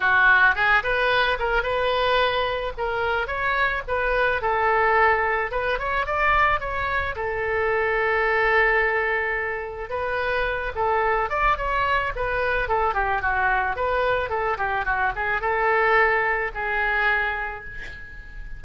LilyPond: \new Staff \with { instrumentName = "oboe" } { \time 4/4 \tempo 4 = 109 fis'4 gis'8 b'4 ais'8 b'4~ | b'4 ais'4 cis''4 b'4 | a'2 b'8 cis''8 d''4 | cis''4 a'2.~ |
a'2 b'4. a'8~ | a'8 d''8 cis''4 b'4 a'8 g'8 | fis'4 b'4 a'8 g'8 fis'8 gis'8 | a'2 gis'2 | }